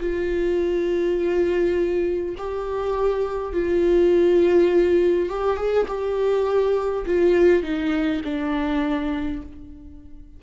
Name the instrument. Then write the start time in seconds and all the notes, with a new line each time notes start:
viola
0.00 F4
2.37 G4
3.53 F4
5.29 G4
5.57 G#4
5.88 G4
7.06 F4
7.63 D#4
8.25 D4